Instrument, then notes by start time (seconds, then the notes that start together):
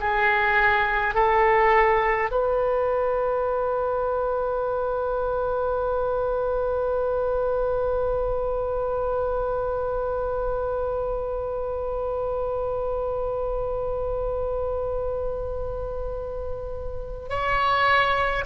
oboe
0.00 G#4
1.15 A4
2.31 B4
17.30 C#5